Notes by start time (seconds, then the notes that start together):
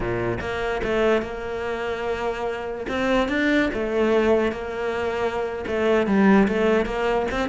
0.00 A#2
0.40 A#3
0.83 A3
1.22 A#3
2.88 C4
3.28 D4
3.73 A3
4.51 A#3
5.67 A3
6.06 G3
6.48 A3
6.85 A#3
7.31 C4